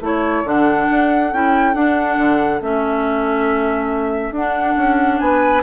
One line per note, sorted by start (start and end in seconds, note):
0.00 0.43 A3
0.00 0.45 E4
0.00 5.20 A4
0.00 0.48 C#5
0.44 0.87 D3
0.44 1.31 D4
0.44 1.33 F#5
0.90 1.32 D4
1.32 1.74 C#4
1.32 1.74 E4
1.32 1.74 G5
1.74 2.60 D4
1.74 2.17 D4
1.74 2.60 F#5
2.17 2.60 D3
2.61 4.31 A3
2.61 4.33 C#4
2.61 4.34 E5
4.31 4.74 D4
4.31 5.62 D4
4.31 5.19 F#5
4.76 5.19 C#4
5.19 5.62 B3
5.19 5.62 B4
5.19 5.62 G#5